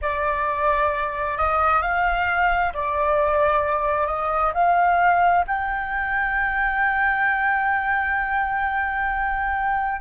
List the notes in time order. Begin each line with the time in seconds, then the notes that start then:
0.01 D5
1.37 D#5
1.82 F5
2.73 D5
4.07 D#5
4.54 F5
5.47 G5